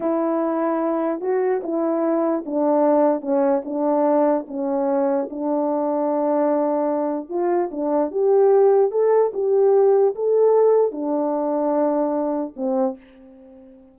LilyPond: \new Staff \with { instrumentName = "horn" } { \time 4/4 \tempo 4 = 148 e'2. fis'4 | e'2 d'2 | cis'4 d'2 cis'4~ | cis'4 d'2.~ |
d'2 f'4 d'4 | g'2 a'4 g'4~ | g'4 a'2 d'4~ | d'2. c'4 | }